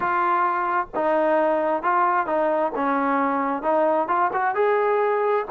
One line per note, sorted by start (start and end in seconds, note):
0.00 0.87 F4
0.95 1.82 D#4
1.82 2.26 F4
2.26 2.71 D#4
2.75 3.62 C#4
3.62 4.07 D#4
4.08 4.30 F4
4.32 4.55 F#4
4.55 5.45 G#4